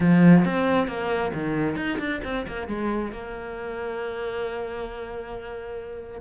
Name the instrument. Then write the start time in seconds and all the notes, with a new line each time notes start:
cello
0.00 F3
0.44 C4
0.87 A#3
1.33 D#3
1.76 D#4
1.98 D4
2.24 C4
2.47 A#3
2.67 G#3
3.12 A#3